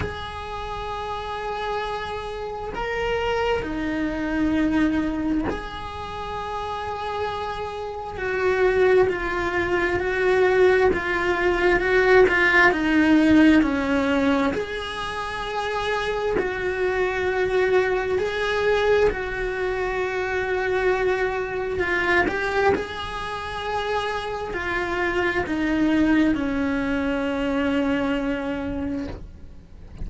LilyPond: \new Staff \with { instrumentName = "cello" } { \time 4/4 \tempo 4 = 66 gis'2. ais'4 | dis'2 gis'2~ | gis'4 fis'4 f'4 fis'4 | f'4 fis'8 f'8 dis'4 cis'4 |
gis'2 fis'2 | gis'4 fis'2. | f'8 g'8 gis'2 f'4 | dis'4 cis'2. | }